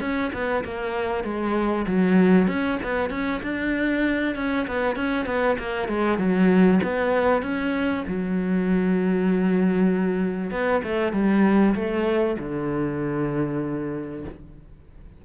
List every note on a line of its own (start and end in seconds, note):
0.00 0.31 C#4
0.33 0.64 B3
0.64 1.23 A#3
1.23 1.85 G#3
1.87 2.47 F#3
2.47 2.78 C#4
2.83 3.10 B3
3.10 3.40 C#4
3.42 4.35 D4
4.35 4.66 C#4
4.67 4.95 B3
4.95 5.25 C#4
5.25 5.56 B3
5.58 5.88 A#3
5.88 6.18 G#3
6.18 6.80 F#3
6.83 7.42 B3
7.42 8.04 C#4
8.07 10.51 F#3
10.51 10.82 B3
10.83 11.12 A3
11.12 11.74 G3
11.75 12.37 A3
12.39 14.24 D3